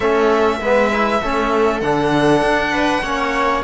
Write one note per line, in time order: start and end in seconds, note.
0.00 0.60 A3
0.00 0.61 C#4
0.00 0.61 A4
0.00 1.80 E5
0.60 1.21 G#3
0.60 0.91 B3
0.60 1.22 B4
0.91 1.22 E4
1.21 1.81 A3
1.21 1.82 C#4
1.21 2.72 A4
1.80 2.41 D3
1.80 3.04 D4
1.80 3.62 F#5
2.41 3.02 D4
2.72 3.02 B4
3.02 3.62 A#3
3.02 3.64 C#4
3.02 3.62 C#5